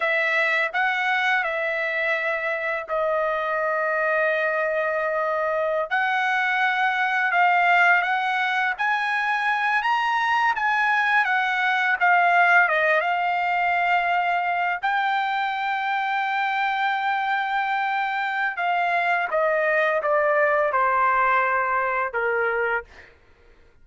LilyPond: \new Staff \with { instrumentName = "trumpet" } { \time 4/4 \tempo 4 = 84 e''4 fis''4 e''2 | dis''1~ | dis''16 fis''2 f''4 fis''8.~ | fis''16 gis''4. ais''4 gis''4 fis''16~ |
fis''8. f''4 dis''8 f''4.~ f''16~ | f''8. g''2.~ g''16~ | g''2 f''4 dis''4 | d''4 c''2 ais'4 | }